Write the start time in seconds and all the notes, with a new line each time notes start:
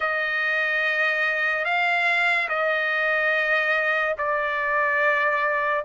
0.00 D#5
1.64 F5
2.48 D#5
4.18 D5